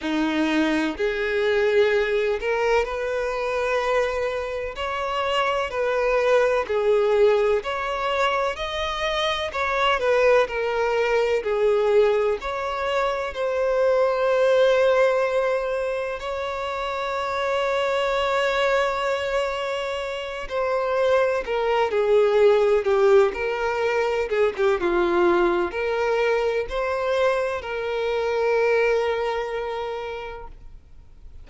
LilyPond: \new Staff \with { instrumentName = "violin" } { \time 4/4 \tempo 4 = 63 dis'4 gis'4. ais'8 b'4~ | b'4 cis''4 b'4 gis'4 | cis''4 dis''4 cis''8 b'8 ais'4 | gis'4 cis''4 c''2~ |
c''4 cis''2.~ | cis''4. c''4 ais'8 gis'4 | g'8 ais'4 gis'16 g'16 f'4 ais'4 | c''4 ais'2. | }